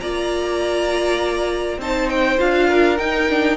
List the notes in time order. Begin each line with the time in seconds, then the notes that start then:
0.00 A#3 F4 D5 A#5
1.78 C4 D#4 C5 A5
2.10 G5
2.38 D4 F4 F5
2.68 A#4
2.98 D#4 G5
3.29 D4